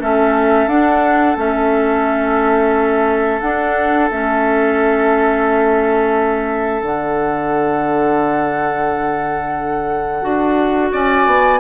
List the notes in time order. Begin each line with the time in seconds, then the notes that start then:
0.00 A3 C#4 A4 E5
0.68 D4 F#5
1.37 A3 C#4 E5
3.41 D4 F#5
4.11 A3 C#4 E5
6.82 D3 D4 F#5
10.22 D4 F#4
10.92 C#4 D5 G#5
11.27 B3